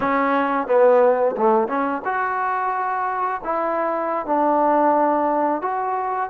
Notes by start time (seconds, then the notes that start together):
0.00 C#4
0.67 B3
1.37 A3
1.68 C#4
2.05 F#4
3.44 E4
4.26 D4
5.61 F#4